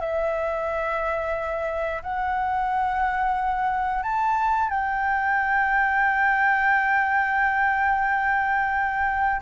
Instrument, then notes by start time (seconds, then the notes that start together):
flute
0.00 E5
2.03 F#5
4.03 A5
4.70 G5